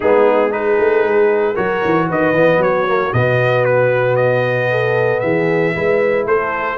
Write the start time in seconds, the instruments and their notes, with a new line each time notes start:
0.00 tuba G#3, trombone B3, horn D#4, trumpet G#4
0.50 trombone D#4, horn G#4, trumpet B4
0.79 tuba A3
1.03 tuba G#3
1.53 tuba F#3, trombone F#4, horn A#4, trumpet C#5
1.85 tuba E3
2.07 tuba D#3, horn B4, trumpet D#5
2.33 tuba E3, trombone B3
2.57 tuba F#3, horn F#4, trumpet C#5
2.87 trombone A#3
3.13 tuba B2, trombone B3, trumpet D#5
3.64 trumpet B4
4.16 trumpet D#5
4.70 horn A4
5.19 tuba E3, horn G#4, trumpet E5
5.73 tuba G#3, trombone E4, horn B4
6.25 tuba A3, horn A4, trumpet C5